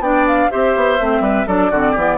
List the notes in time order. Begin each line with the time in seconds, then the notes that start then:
0.00 B3 D4 D5 G5
0.27 F5
0.51 C4 G4 C5 E5
0.76 B3
1.00 A3 C4
1.21 G3 B4
1.47 F#3 D4 A4 D5
1.71 D3 C4 F#4
1.92 E3 B3 G4